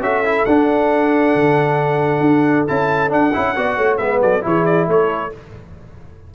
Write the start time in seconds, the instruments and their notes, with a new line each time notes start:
0.00 tuba C#4, trombone F#4, horn A4, trumpet E5
0.24 trombone E4
0.45 tuba D4, trombone D4, trumpet F#5
1.35 tuba D3
2.20 tuba D4
2.67 tuba C#4, trombone E4, trumpet A5
3.08 trombone D4, tuba D4, trumpet F#5
3.33 tuba C#4, trombone E4
3.56 tuba B3, trombone F#4, horn D5
3.76 tuba A3, horn C#5
3.97 tuba G#3, trombone B3, horn B4, trumpet E5
4.21 tuba F#3, horn A4, trumpet D5
4.41 tuba E3, trombone E4, horn G#4, trumpet C#5
4.65 trumpet D5
4.87 tuba A3, horn A4, trumpet C#5